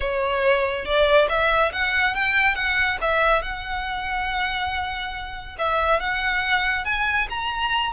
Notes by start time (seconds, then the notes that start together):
0.00 C#5
0.85 D5
1.29 E5
1.72 F#5
2.14 G5
2.55 F#5
3.01 E5
3.42 F#5
5.58 E5
6.00 F#5
6.84 G#5
7.29 A#5